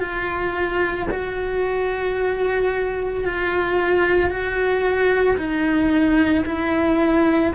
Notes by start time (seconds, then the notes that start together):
0.00 F4
1.11 F#4
3.25 F4
4.30 F#4
5.37 D#4
6.45 E4